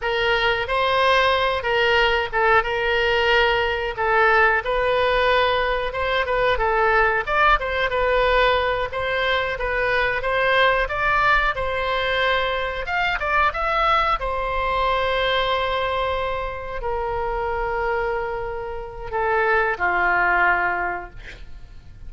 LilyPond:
\new Staff \with { instrumentName = "oboe" } { \time 4/4 \tempo 4 = 91 ais'4 c''4. ais'4 a'8 | ais'2 a'4 b'4~ | b'4 c''8 b'8 a'4 d''8 c''8 | b'4. c''4 b'4 c''8~ |
c''8 d''4 c''2 f''8 | d''8 e''4 c''2~ c''8~ | c''4. ais'2~ ais'8~ | ais'4 a'4 f'2 | }